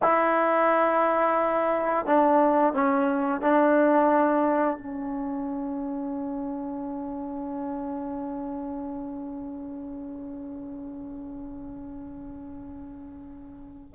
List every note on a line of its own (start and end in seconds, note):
0.02 2.05 E4
2.05 2.73 D4
2.73 3.41 C#4
3.41 4.77 D4
4.77 13.94 C#4